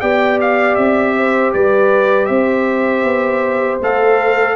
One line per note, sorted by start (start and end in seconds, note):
0.00 0.77 B3
0.00 3.80 G4
0.00 1.15 D5
0.00 0.38 G5
0.41 0.75 F5
0.75 1.53 C4
0.75 1.51 E5
1.16 1.54 C5
1.53 2.29 G3
1.53 2.28 B4
1.53 2.25 D5
2.25 3.03 C4
2.25 4.56 C5
2.25 3.77 E5
3.03 3.79 B3
3.81 4.56 A3
3.81 4.56 A4
3.81 4.56 F5